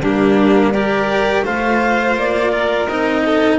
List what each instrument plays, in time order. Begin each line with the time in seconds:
0.00 double bass G3, cello A#3, violin D4, clarinet G4
0.72 cello G4, violin A#4, clarinet D5
1.44 double bass A3, cello F4, violin C5, clarinet F5
2.16 double bass A#3, clarinet D5
2.51 violin A#4
2.86 double bass C4, cello D#4, clarinet D#5
3.25 violin A4